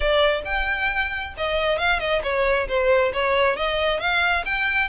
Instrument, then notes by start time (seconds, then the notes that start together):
violin
0.00 D5
0.44 G5
1.37 D#5
1.78 F5
1.99 D#5
2.23 C#5
2.68 C5
3.13 C#5
3.56 D#5
4.00 F5
4.45 G5